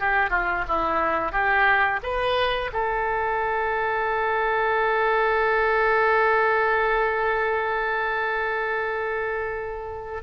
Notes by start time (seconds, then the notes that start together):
0.00 G4
0.30 F4
0.68 E4
1.32 G4
2.03 B4
2.73 A4